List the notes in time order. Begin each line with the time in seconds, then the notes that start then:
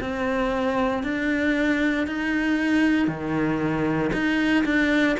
0.00 C4
1.03 D4
2.07 D#4
3.08 D#3
4.13 D#4
4.65 D4